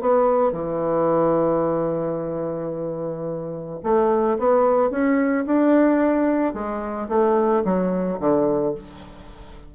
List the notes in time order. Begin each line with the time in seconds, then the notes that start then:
0.00 B3
0.52 E3
3.83 A3
4.38 B3
4.90 C#4
5.46 D4
6.53 G#3
7.08 A3
7.64 F#3
8.19 D3